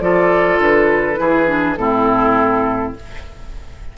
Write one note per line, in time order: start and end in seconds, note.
0.00 0.58 F3
0.00 1.14 F4
0.00 1.20 A4
0.00 0.60 D5
0.58 1.17 D3
0.58 1.76 B4
1.14 1.76 E3
1.14 1.44 E4
1.14 1.78 G#4
1.46 1.76 D4
1.76 2.94 A2
1.76 2.96 C4
1.76 2.97 E4
1.76 2.93 A4